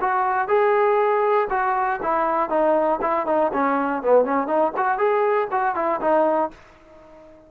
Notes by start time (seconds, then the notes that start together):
0.00 F#4
0.48 G#4
1.50 F#4
2.02 E4
2.49 D#4
3.01 E4
3.26 D#4
3.52 C#4
4.02 B3
4.24 C#4
4.47 D#4
4.77 F#4
4.97 G#4
5.51 F#4
5.75 E4
6.00 D#4